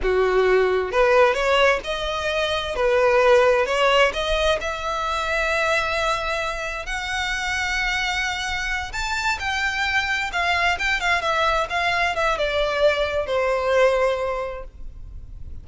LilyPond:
\new Staff \with { instrumentName = "violin" } { \time 4/4 \tempo 4 = 131 fis'2 b'4 cis''4 | dis''2 b'2 | cis''4 dis''4 e''2~ | e''2. fis''4~ |
fis''2.~ fis''8 a''8~ | a''8 g''2 f''4 g''8 | f''8 e''4 f''4 e''8 d''4~ | d''4 c''2. | }